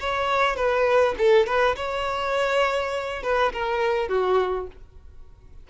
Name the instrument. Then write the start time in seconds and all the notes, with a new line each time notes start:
violin
0.00 C#5
0.56 B4
1.18 A4
1.47 B4
1.76 C#5
3.23 B4
3.53 A#4
4.09 F#4